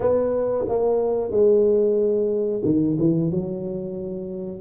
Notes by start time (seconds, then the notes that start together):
0.00 B3
0.68 A#3
1.30 G#3
2.64 D#3
2.99 E3
3.30 F#3